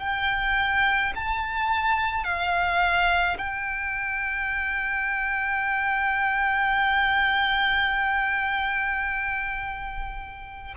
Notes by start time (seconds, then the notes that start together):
0.00 G5
1.15 A5
2.24 F5
3.38 G5